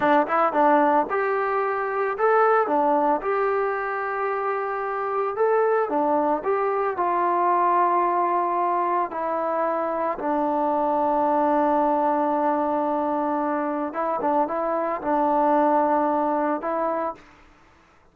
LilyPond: \new Staff \with { instrumentName = "trombone" } { \time 4/4 \tempo 4 = 112 d'8 e'8 d'4 g'2 | a'4 d'4 g'2~ | g'2 a'4 d'4 | g'4 f'2.~ |
f'4 e'2 d'4~ | d'1~ | d'2 e'8 d'8 e'4 | d'2. e'4 | }